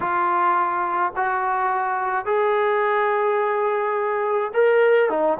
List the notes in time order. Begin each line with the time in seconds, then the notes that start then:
0.00 F4
1.16 F#4
2.25 G#4
4.53 A#4
5.09 D#4